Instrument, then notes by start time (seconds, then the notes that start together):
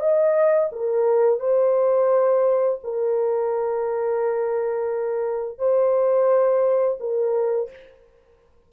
horn
0.00 D#5
0.72 A#4
1.40 C5
2.84 A#4
5.58 C5
7.00 A#4